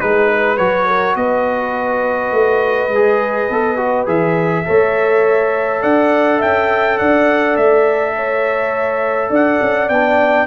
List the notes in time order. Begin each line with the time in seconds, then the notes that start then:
0.00 G#3 D#4 G#4 B4
0.29 B4
0.58 F#3 F#4 C#5
0.87 A#4
1.16 B3 B4 D#5
2.32 A3
2.89 G#3 G#4
3.50 B3 A4
3.77 F#4
4.06 E3 G#4 E5
4.65 A3 A4 C#5
5.83 D4 D5 F#5
6.39 C#4 E5 G5
6.98 D4 D5 F#5
7.57 A3 E5
8.16 C#5
9.30 D4 D5 F#5
9.61 C#4
9.89 B3 D4 G5